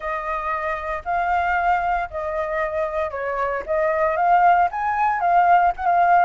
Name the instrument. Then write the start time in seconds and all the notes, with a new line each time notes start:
flute
0.00 D#5
1.04 F5
2.10 D#5
3.10 C#5
3.65 D#5
4.16 F5
4.71 G#5
5.20 F5
5.76 F#5
5.86 F5